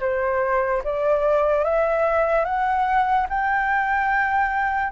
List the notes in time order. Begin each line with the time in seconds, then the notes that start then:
0.00 C5
0.84 D5
1.64 E5
2.45 F#5
3.29 G5